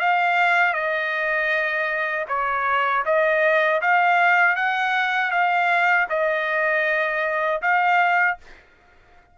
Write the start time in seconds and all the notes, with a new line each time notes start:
0.00 F5
0.74 D#5
2.29 C#5
3.06 D#5
3.82 F5
4.56 F#5
5.32 F5
6.10 D#5
7.62 F5